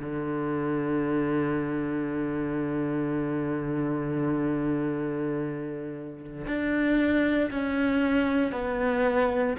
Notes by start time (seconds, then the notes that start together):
0.00 D3
6.47 D4
7.51 C#4
8.53 B3